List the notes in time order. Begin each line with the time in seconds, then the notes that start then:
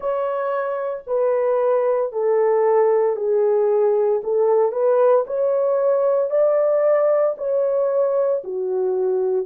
0.00 C#5
1.07 B4
2.12 A4
3.16 G#4
4.23 A4
4.72 B4
5.26 C#5
6.30 D5
7.37 C#5
8.44 F#4